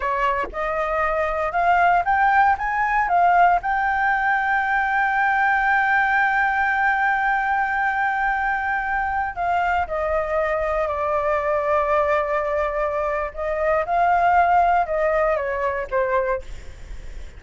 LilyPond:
\new Staff \with { instrumentName = "flute" } { \time 4/4 \tempo 4 = 117 cis''4 dis''2 f''4 | g''4 gis''4 f''4 g''4~ | g''1~ | g''1~ |
g''2~ g''16 f''4 dis''8.~ | dis''4~ dis''16 d''2~ d''8.~ | d''2 dis''4 f''4~ | f''4 dis''4 cis''4 c''4 | }